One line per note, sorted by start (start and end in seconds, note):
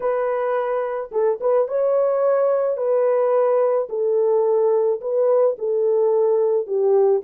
0.00 1.10 B4
1.11 1.39 A4
1.40 1.68 B4
1.68 2.77 C#5
2.77 3.88 B4
3.89 5.00 A4
5.00 5.56 B4
5.58 6.66 A4
6.66 7.22 G4